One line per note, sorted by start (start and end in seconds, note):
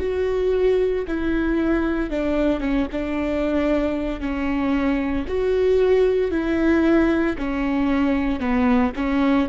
0.00 1.05 F#4
1.07 2.11 E4
2.11 2.60 D4
2.60 2.87 C#4
2.92 4.20 D4
4.20 5.25 C#4
5.28 6.31 F#4
6.31 7.36 E4
7.38 8.40 C#4
8.40 8.92 B3
8.96 9.48 C#4